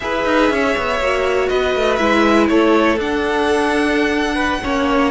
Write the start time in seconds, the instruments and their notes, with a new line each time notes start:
0.00 cello E4, viola G#4, violin B4 E5
0.25 cello D#4
0.50 cello C#4, violin C#5
0.77 cello B3
1.00 cello A#3, viola F#4
1.48 cello B3, violin B4 D#5
1.75 cello A3
1.96 cello G#3, viola E4, violin E5
2.48 cello A3, violin A4 C#5
2.96 cello D4, viola D4, violin F#5
4.34 violin B4
4.63 cello A#3, viola C#4, violin C#5